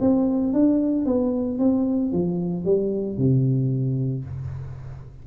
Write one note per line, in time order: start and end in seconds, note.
0.00 0.53 C4
0.53 1.05 D4
1.05 1.59 B3
1.59 2.12 C4
2.12 2.64 F3
2.64 3.17 G3
3.17 4.24 C3